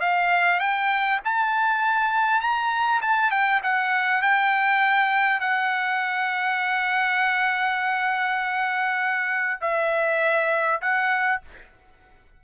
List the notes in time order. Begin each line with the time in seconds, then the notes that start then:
0.00 F5
0.60 G5
1.24 A5
2.41 A#5
3.02 A5
3.31 G5
3.63 F#5
4.22 G5
5.40 F#5
9.61 E5
10.81 F#5